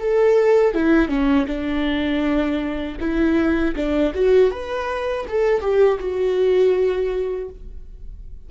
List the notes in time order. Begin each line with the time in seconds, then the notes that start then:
0.00 A4
0.75 E4
1.09 C#4
1.47 D4
3.00 E4
3.76 D4
4.15 F#4
4.51 B4
5.28 A4
5.61 G4
6.00 F#4